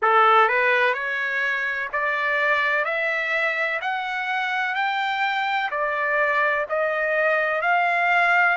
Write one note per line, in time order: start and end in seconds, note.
0.02 0.48 A4
0.48 0.93 B4
0.93 1.88 C#5
1.92 2.84 D5
2.84 3.80 E5
3.81 4.74 F#5
4.74 5.70 G5
5.70 6.65 D5
6.69 7.61 D#5
7.61 8.56 F5